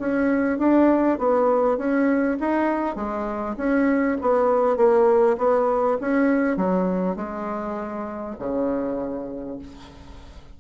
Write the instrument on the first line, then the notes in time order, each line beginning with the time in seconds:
bassoon
0.00 C#4
0.59 D4
1.19 B3
1.78 C#4
2.41 D#4
2.96 G#3
3.58 C#4
4.22 B3
4.77 A#3
5.38 B3
6.01 C#4
6.57 F#3
7.17 G#3
8.39 C#3